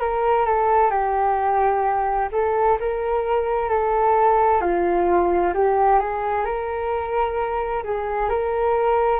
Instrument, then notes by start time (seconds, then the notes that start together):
flute
0.00 A#4
0.46 A4
0.90 G4
2.32 A4
2.80 A#4
3.69 A4
4.61 F4
5.54 G4
6.00 G#4
6.45 A#4
7.84 G#4
8.30 A#4